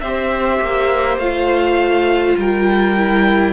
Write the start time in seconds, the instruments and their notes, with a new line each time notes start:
0.00 cello C4, viola G4, violin C5 E5
0.61 cello A#3
1.17 cello A3, viola F4, violin F5
2.37 cello G3, violin A#4 G5
2.97 viola E4